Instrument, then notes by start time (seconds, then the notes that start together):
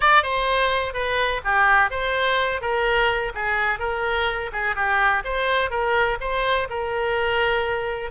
oboe
0.00 D5
0.23 C5
0.93 B4
1.44 G4
1.90 C5
2.61 A#4
3.35 G#4
3.79 A#4
4.52 G#4
4.75 G4
5.24 C5
5.70 A#4
6.20 C5
6.69 A#4